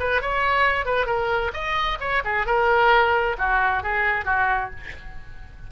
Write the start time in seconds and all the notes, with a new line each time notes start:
0.00 B4
0.22 C#5
0.86 B4
1.06 A#4
1.53 D#5
2.01 C#5
2.25 G#4
2.46 A#4
3.38 F#4
3.83 G#4
4.25 F#4